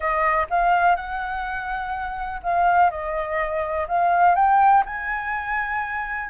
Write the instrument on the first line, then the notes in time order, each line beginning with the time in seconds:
flute
0.00 D#5
0.50 F5
0.95 F#5
2.43 F5
2.90 D#5
3.88 F5
4.35 G5
4.85 G#5